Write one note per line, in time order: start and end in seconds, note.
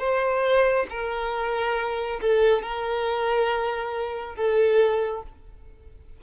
0.00 0.87 C5
0.91 2.21 A#4
2.21 2.62 A4
2.62 4.36 A#4
4.36 5.23 A4